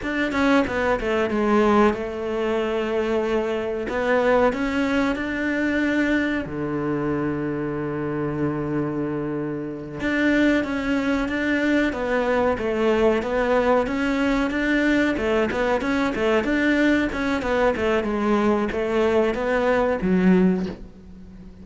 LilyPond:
\new Staff \with { instrumentName = "cello" } { \time 4/4 \tempo 4 = 93 d'8 cis'8 b8 a8 gis4 a4~ | a2 b4 cis'4 | d'2 d2~ | d2.~ d8 d'8~ |
d'8 cis'4 d'4 b4 a8~ | a8 b4 cis'4 d'4 a8 | b8 cis'8 a8 d'4 cis'8 b8 a8 | gis4 a4 b4 fis4 | }